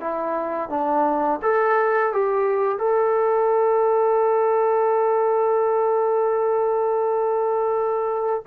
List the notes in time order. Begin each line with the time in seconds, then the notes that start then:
0.00 E4
0.69 D4
1.42 A4
2.13 G4
2.79 A4